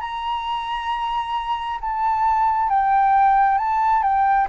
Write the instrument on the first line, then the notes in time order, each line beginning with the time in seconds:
flute
0.00 A#5
1.80 A5
2.69 G5
3.58 A5
4.02 G5